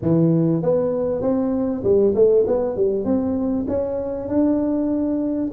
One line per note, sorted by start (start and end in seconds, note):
0.02 0.62 E3
0.62 1.21 B3
1.21 1.83 C4
1.83 2.14 G3
2.14 2.45 A3
2.46 2.76 B3
2.76 3.04 G3
3.04 3.66 C4
3.67 4.28 C#4
4.28 5.51 D4